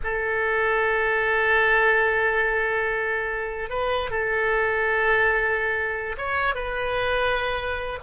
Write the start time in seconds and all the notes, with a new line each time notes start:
0.03 A4
3.69 B4
4.10 A4
6.17 C#5
6.54 B4